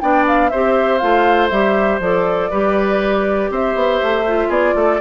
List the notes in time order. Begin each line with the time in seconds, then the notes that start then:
0.00 B3 D4 D5 G5
0.27 F5
0.49 C4 G4 C5 E5
0.98 A3 F4 F5
1.49 G3 G4 E5
1.99 F3 A4 D5
2.50 G3 G4 B4
3.50 C4 C5 E5
3.75 B3
4.02 A3
4.27 F4
4.48 B3 G#4 D5
4.75 A3 A4